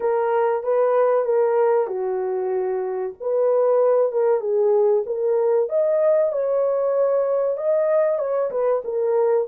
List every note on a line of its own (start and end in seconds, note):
0.00 0.63 A#4
0.63 1.25 B4
1.25 1.87 A#4
1.87 3.13 F#4
3.20 4.12 B4
4.12 4.40 A#4
4.40 5.03 G#4
5.06 5.69 A#4
5.69 6.32 D#5
6.32 7.57 C#5
7.57 8.18 D#5
8.18 8.50 C#5
8.50 8.82 B4
8.84 9.47 A#4